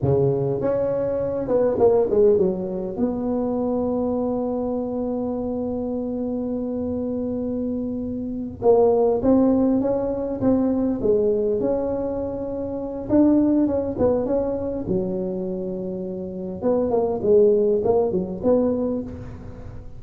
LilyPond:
\new Staff \with { instrumentName = "tuba" } { \time 4/4 \tempo 4 = 101 cis4 cis'4. b8 ais8 gis8 | fis4 b2.~ | b1~ | b2~ b8 ais4 c'8~ |
c'8 cis'4 c'4 gis4 cis'8~ | cis'2 d'4 cis'8 b8 | cis'4 fis2. | b8 ais8 gis4 ais8 fis8 b4 | }